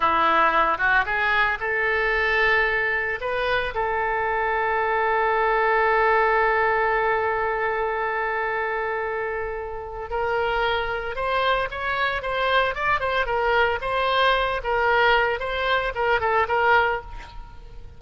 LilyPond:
\new Staff \with { instrumentName = "oboe" } { \time 4/4 \tempo 4 = 113 e'4. fis'8 gis'4 a'4~ | a'2 b'4 a'4~ | a'1~ | a'1~ |
a'2. ais'4~ | ais'4 c''4 cis''4 c''4 | d''8 c''8 ais'4 c''4. ais'8~ | ais'4 c''4 ais'8 a'8 ais'4 | }